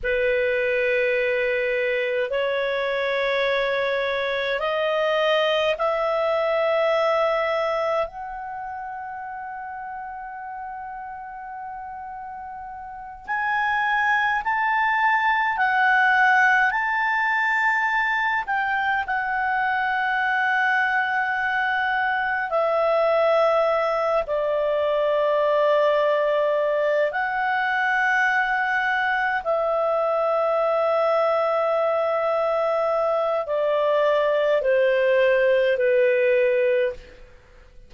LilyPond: \new Staff \with { instrumentName = "clarinet" } { \time 4/4 \tempo 4 = 52 b'2 cis''2 | dis''4 e''2 fis''4~ | fis''2.~ fis''8 gis''8~ | gis''8 a''4 fis''4 a''4. |
g''8 fis''2. e''8~ | e''4 d''2~ d''8 fis''8~ | fis''4. e''2~ e''8~ | e''4 d''4 c''4 b'4 | }